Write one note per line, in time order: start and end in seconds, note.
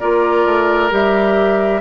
0.00 0.46 A#3
0.00 0.90 F4
0.00 1.82 A#4
0.00 0.91 D5
0.46 0.91 A3
0.90 1.82 G3
0.90 1.81 G4
0.90 1.82 E5